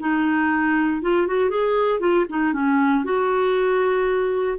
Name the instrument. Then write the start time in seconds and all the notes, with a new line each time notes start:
clarinet
0.00 D#4
1.02 F4
1.27 F#4
1.50 G#4
2.00 F4
2.29 D#4
2.53 C#4
3.04 F#4